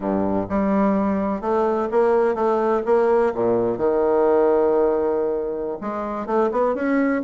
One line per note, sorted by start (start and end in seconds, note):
0.00 0.46 G2
0.49 1.41 G3
1.41 1.88 A3
1.91 2.35 A#3
2.35 2.82 A3
2.85 3.33 A#3
3.34 3.77 A#2
3.77 5.78 D#3
5.80 6.26 G#3
6.26 6.50 A3
6.51 6.74 B3
6.74 7.22 C#4